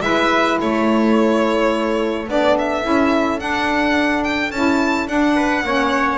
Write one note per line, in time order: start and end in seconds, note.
0.00 0.57 G#3
0.00 2.24 E4
0.00 0.60 B4
0.00 0.58 E5
0.60 2.29 A3
0.60 5.35 A4
0.60 2.29 C#5
2.27 2.84 B3
2.27 2.82 D4
2.27 2.58 D5
2.58 3.40 E5
2.82 3.40 C#4
2.82 3.38 E4
3.38 4.50 D4
3.38 4.51 D4
3.38 4.24 F#5
4.24 4.51 G5
4.51 5.07 C#4
4.51 5.07 E4
4.51 5.07 A5
5.07 5.63 D4
5.07 6.18 F#5
5.35 5.63 B4
5.63 6.18 A#3
5.63 6.18 C#4
5.63 6.18 C#5